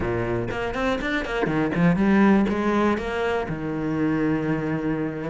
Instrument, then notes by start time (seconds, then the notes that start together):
cello
0.00 A#2
0.50 A#3
0.74 C4
1.01 D4
1.25 A#3
1.46 D#3
1.74 F3
1.96 G3
2.48 G#3
2.97 A#3
3.48 D#3